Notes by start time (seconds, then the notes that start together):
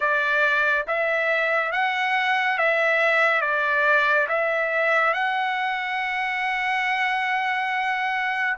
0.00 D5
0.87 E5
1.72 F#5
2.58 E5
3.41 D5
4.28 E5
5.13 F#5